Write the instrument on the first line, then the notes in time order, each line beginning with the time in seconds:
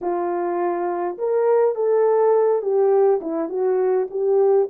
horn
0.01 F4
1.18 A#4
1.75 A4
2.61 G4
3.21 E4
3.49 F#4
4.10 G4